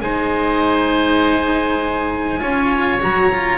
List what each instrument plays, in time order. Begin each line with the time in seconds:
0.00 double bass G#3, cello D#4, oboe C5, trumpet G#5
2.39 double bass C#4, cello F4, oboe C#5
3.00 double bass F#3, cello F#4, trumpet A#5
3.32 cello F4